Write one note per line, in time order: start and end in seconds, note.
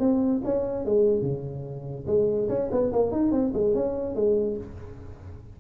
0.00 0.42 C4
0.45 0.85 C#4
0.85 1.22 G#3
1.22 2.06 C#3
2.07 2.49 G#3
2.49 2.70 C#4
2.72 2.92 B3
2.93 3.12 A#3
3.12 3.32 D#4
3.32 3.53 C4
3.54 3.75 G#3
3.75 4.16 C#4
4.16 4.57 G#3